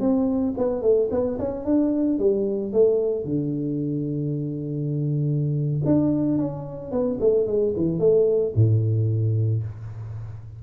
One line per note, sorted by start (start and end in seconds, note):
0.00 0.54 C4
0.58 0.82 B3
0.82 1.09 A3
1.11 1.38 B3
1.39 1.65 C#4
1.65 2.19 D4
2.19 2.73 G3
2.73 3.25 A3
3.25 5.82 D3
5.85 6.38 D4
6.38 6.92 C#4
6.92 7.19 B3
7.20 7.47 A3
7.47 7.74 G#3
7.76 7.99 E3
7.99 8.53 A3
8.55 9.63 A2